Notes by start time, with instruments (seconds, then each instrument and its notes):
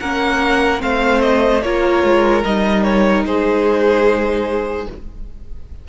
0.00 cello A#3, viola C#4, violin A#4 F#5
0.78 cello A3, viola C4, violin C5 F5
1.21 violin D#5
1.62 cello A#3, viola F4, violin A#4 C#5
2.03 cello G#3
2.44 cello G3, viola D#4, violin D#5
2.83 violin C#5
3.24 cello G#3, violin G#4 C5